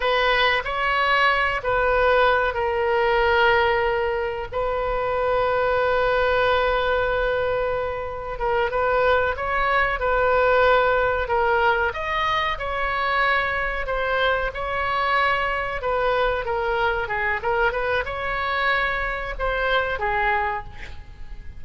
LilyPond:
\new Staff \with { instrumentName = "oboe" } { \time 4/4 \tempo 4 = 93 b'4 cis''4. b'4. | ais'2. b'4~ | b'1~ | b'4 ais'8 b'4 cis''4 b'8~ |
b'4. ais'4 dis''4 cis''8~ | cis''4. c''4 cis''4.~ | cis''8 b'4 ais'4 gis'8 ais'8 b'8 | cis''2 c''4 gis'4 | }